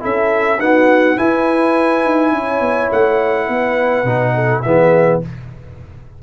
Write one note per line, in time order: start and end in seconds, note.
0.00 0.59 C#4
0.00 0.58 E4
0.00 0.60 A4
0.00 0.60 E5
0.59 1.17 B3
0.59 1.17 D#4
0.59 1.17 F#4
0.59 1.18 F#5
1.17 4.06 E4
1.17 2.05 E4
1.17 2.33 B4
1.17 2.91 G#5
2.05 2.32 D#4
2.32 2.60 C#4
2.32 3.47 C#5
2.60 2.89 B3
2.92 3.48 A3
2.92 4.62 F#5
3.47 4.04 B3
3.47 4.33 B4
4.04 4.62 B2
4.04 4.64 D#4
4.35 4.64 A4
4.62 5.23 E3
4.62 5.22 B3
4.62 5.23 G#4
4.62 5.19 E5